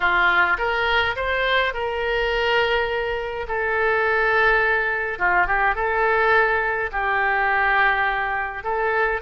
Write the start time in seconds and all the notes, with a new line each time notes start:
0.00 F4
0.58 A#4
1.16 C5
1.73 A#4
3.48 A4
5.18 F4
5.47 G4
5.75 A4
6.92 G4
8.63 A4